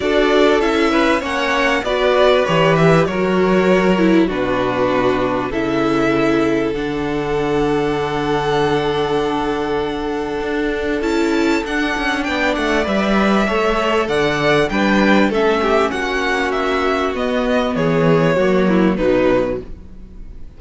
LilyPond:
<<
  \new Staff \with { instrumentName = "violin" } { \time 4/4 \tempo 4 = 98 d''4 e''4 fis''4 d''4 | cis''8 e''8 cis''2 b'4~ | b'4 e''2 fis''4~ | fis''1~ |
fis''2 a''4 fis''4 | g''8 fis''8 e''2 fis''4 | g''4 e''4 fis''4 e''4 | dis''4 cis''2 b'4 | }
  \new Staff \with { instrumentName = "violin" } { \time 4/4 a'4. b'8 cis''4 b'4~ | b'4 ais'2 fis'4~ | fis'4 a'2.~ | a'1~ |
a'1 | d''2 cis''4 d''4 | b'4 a'8 g'8 fis'2~ | fis'4 gis'4 fis'8 e'8 dis'4 | }
  \new Staff \with { instrumentName = "viola" } { \time 4/4 fis'4 e'4 cis'4 fis'4 | g'4 fis'4. e'8 d'4~ | d'4 e'2 d'4~ | d'1~ |
d'2 e'4 d'4~ | d'4 b'4 a'2 | d'4 cis'2. | b2 ais4 fis4 | }
  \new Staff \with { instrumentName = "cello" } { \time 4/4 d'4 cis'4 ais4 b4 | e4 fis2 b,4~ | b,4 cis2 d4~ | d1~ |
d4 d'4 cis'4 d'8 cis'8 | b8 a8 g4 a4 d4 | g4 a4 ais2 | b4 e4 fis4 b,4 | }
>>